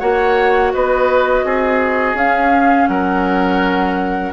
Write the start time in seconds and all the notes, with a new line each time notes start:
0.00 A#3 F#4 C#5 F#5
0.73 B3 B4 D#5
1.45 C4 G#4
2.14 C#4 F5
2.88 F#3 A#4 F#5